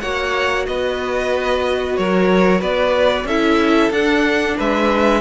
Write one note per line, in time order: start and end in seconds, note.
0.00 0.68 A#3
0.00 3.28 F#4
0.00 0.66 C#5
0.00 0.65 F#5
0.66 1.98 B3
0.66 1.99 B4
0.66 1.96 D#5
1.96 2.62 F#3
1.96 2.60 A#4
1.96 2.61 C#5
2.60 3.24 B3
2.60 3.25 B4
2.60 3.27 D5
3.24 3.89 C#4
3.24 3.92 E4
3.24 4.57 A4
3.24 3.92 E5
3.91 4.56 D4
3.91 5.20 D4
3.91 4.57 F#5
4.57 5.20 G#3
4.57 5.20 B4
4.57 5.20 E5